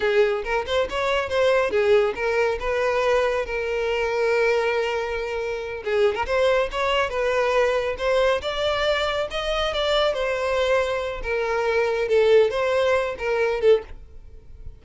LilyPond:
\new Staff \with { instrumentName = "violin" } { \time 4/4 \tempo 4 = 139 gis'4 ais'8 c''8 cis''4 c''4 | gis'4 ais'4 b'2 | ais'1~ | ais'4. gis'8. ais'16 c''4 cis''8~ |
cis''8 b'2 c''4 d''8~ | d''4. dis''4 d''4 c''8~ | c''2 ais'2 | a'4 c''4. ais'4 a'8 | }